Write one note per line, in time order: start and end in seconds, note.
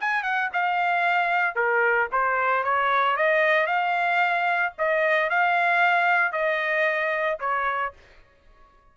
0.00 0.23 G#5
0.23 0.49 F#5
0.53 1.55 F5
1.55 2.08 A#4
2.12 2.64 C5
2.64 3.17 C#5
3.17 3.67 D#5
3.67 4.73 F5
4.78 5.30 D#5
5.30 6.32 F5
6.32 7.39 D#5
7.40 7.93 C#5